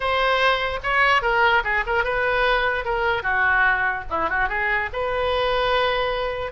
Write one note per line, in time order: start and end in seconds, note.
0.00 0.79 C5
0.83 1.22 C#5
1.22 1.62 A#4
1.63 1.84 G#4
1.86 2.03 A#4
2.03 2.85 B4
2.85 3.22 A#4
3.22 4.04 F#4
4.09 4.29 E4
4.29 4.48 F#4
4.48 4.89 G#4
4.92 6.52 B4